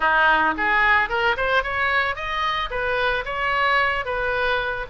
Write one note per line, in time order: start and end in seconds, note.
0.00 0.54 D#4
0.57 1.09 G#4
1.09 1.36 A#4
1.37 1.63 C5
1.63 2.15 C#5
2.15 2.69 D#5
2.70 3.24 B4
3.25 4.05 C#5
4.05 4.86 B4